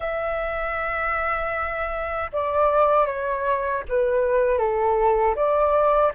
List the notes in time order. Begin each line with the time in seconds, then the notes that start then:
0.00 E5
2.32 D5
3.06 C#5
3.88 B4
4.58 A4
5.35 D5